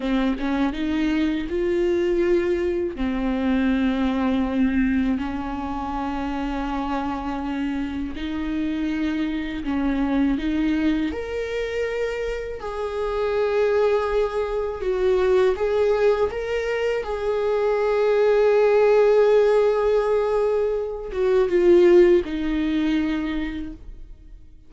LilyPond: \new Staff \with { instrumentName = "viola" } { \time 4/4 \tempo 4 = 81 c'8 cis'8 dis'4 f'2 | c'2. cis'4~ | cis'2. dis'4~ | dis'4 cis'4 dis'4 ais'4~ |
ais'4 gis'2. | fis'4 gis'4 ais'4 gis'4~ | gis'1~ | gis'8 fis'8 f'4 dis'2 | }